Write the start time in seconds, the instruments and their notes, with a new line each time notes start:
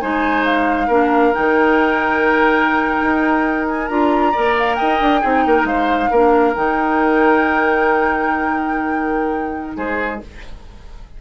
0.00 bassoon G#3, clarinet D#4, oboe C5, flute G#5
0.45 flute F5
0.87 bassoon A#3, clarinet D4, oboe A#4
1.33 bassoon D#3, clarinet D#4, flute G5
3.01 bassoon D#4
3.68 flute G#5
3.88 bassoon D4, clarinet F4, flute A#5
4.32 bassoon A#3, clarinet A#4, oboe D5
4.58 flute F5
4.75 oboe D#5, flute G5
4.81 bassoon D#4
5.00 bassoon D4
5.21 bassoon C4, clarinet D#4, oboe G#4
5.46 bassoon A#3, oboe A#4
5.64 bassoon G#3, oboe C5, flute F5
6.11 bassoon A#3, clarinet D4, oboe A#4
6.55 bassoon D#3, clarinet D#4, flute G5
9.76 bassoon G#3, oboe G#4, flute C5